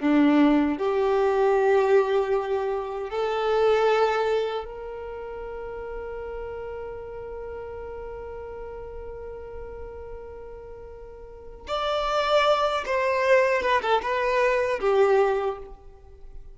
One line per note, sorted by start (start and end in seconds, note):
0.00 0.78 D4
0.78 3.10 G4
3.10 4.65 A4
4.65 11.66 A#4
11.67 12.84 D5
12.85 13.62 C5
13.62 13.81 B4
13.82 14.01 A4
14.02 14.80 B4
14.80 15.58 G4